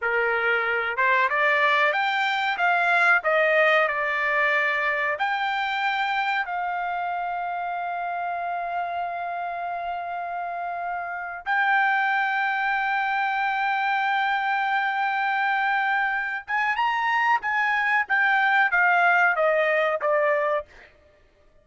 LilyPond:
\new Staff \with { instrumentName = "trumpet" } { \time 4/4 \tempo 4 = 93 ais'4. c''8 d''4 g''4 | f''4 dis''4 d''2 | g''2 f''2~ | f''1~ |
f''4.~ f''16 g''2~ g''16~ | g''1~ | g''4. gis''8 ais''4 gis''4 | g''4 f''4 dis''4 d''4 | }